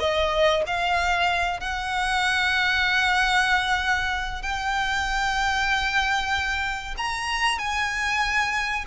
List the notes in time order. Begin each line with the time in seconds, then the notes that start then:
0.00 D#5
0.67 F5
1.60 F#5
4.42 G5
6.97 A#5
7.59 G#5